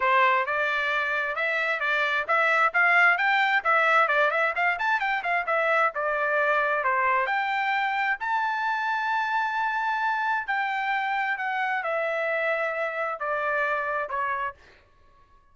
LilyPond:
\new Staff \with { instrumentName = "trumpet" } { \time 4/4 \tempo 4 = 132 c''4 d''2 e''4 | d''4 e''4 f''4 g''4 | e''4 d''8 e''8 f''8 a''8 g''8 f''8 | e''4 d''2 c''4 |
g''2 a''2~ | a''2. g''4~ | g''4 fis''4 e''2~ | e''4 d''2 cis''4 | }